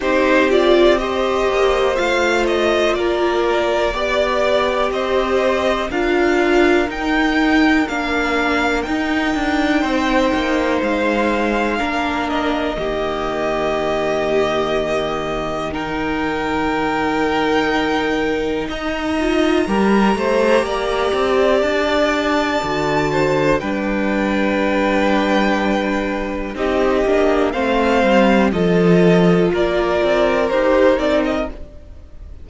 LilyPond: <<
  \new Staff \with { instrumentName = "violin" } { \time 4/4 \tempo 4 = 61 c''8 d''8 dis''4 f''8 dis''8 d''4~ | d''4 dis''4 f''4 g''4 | f''4 g''2 f''4~ | f''8 dis''2.~ dis''8 |
g''2. ais''4~ | ais''2 a''2 | g''2. dis''4 | f''4 dis''4 d''4 c''8 d''16 dis''16 | }
  \new Staff \with { instrumentName = "violin" } { \time 4/4 g'4 c''2 ais'4 | d''4 c''4 ais'2~ | ais'2 c''2 | ais'4 g'2. |
ais'2. dis''4 | ais'8 c''8 d''2~ d''8 c''8 | b'2. g'4 | c''4 a'4 ais'2 | }
  \new Staff \with { instrumentName = "viola" } { \time 4/4 dis'8 f'8 g'4 f'2 | g'2 f'4 dis'4 | d'4 dis'2. | d'4 ais2. |
dis'2.~ dis'8 f'8 | g'2. fis'4 | d'2. dis'8 d'8 | c'4 f'2 g'8 dis'8 | }
  \new Staff \with { instrumentName = "cello" } { \time 4/4 c'4. ais8 a4 ais4 | b4 c'4 d'4 dis'4 | ais4 dis'8 d'8 c'8 ais8 gis4 | ais4 dis2.~ |
dis2. dis'4 | g8 a8 ais8 c'8 d'4 d4 | g2. c'8 ais8 | a8 g8 f4 ais8 c'8 dis'8 c'8 | }
>>